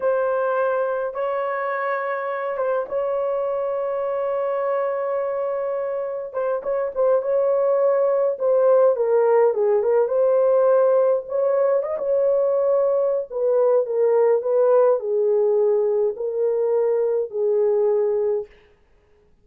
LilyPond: \new Staff \with { instrumentName = "horn" } { \time 4/4 \tempo 4 = 104 c''2 cis''2~ | cis''8 c''8 cis''2.~ | cis''2. c''8 cis''8 | c''8 cis''2 c''4 ais'8~ |
ais'8 gis'8 ais'8 c''2 cis''8~ | cis''8 dis''16 cis''2~ cis''16 b'4 | ais'4 b'4 gis'2 | ais'2 gis'2 | }